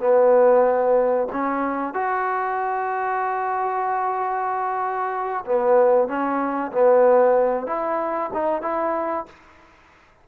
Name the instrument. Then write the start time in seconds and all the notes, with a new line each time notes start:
trombone
0.00 B3
1.32 C#4
1.94 F#4
5.46 B3
6.08 C#4
6.72 B3
7.67 E4
8.34 D#4
8.62 E4